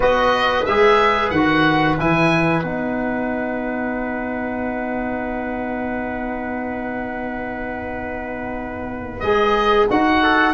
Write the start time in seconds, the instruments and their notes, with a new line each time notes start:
0.00 tuba B3, trombone F#4, trumpet B4, oboe D#5
0.65 tuba G#3, trombone G#4, oboe E5
1.30 tuba D#3, trombone F#4, oboe F#5
1.98 tuba E3, trombone E4, oboe G#5
2.62 tuba B3, trombone D#4, oboe F#5
9.20 tuba G#3, trombone G#4, oboe D#5
9.90 tuba D#4, trombone F#4, oboe F#5
10.23 trumpet A4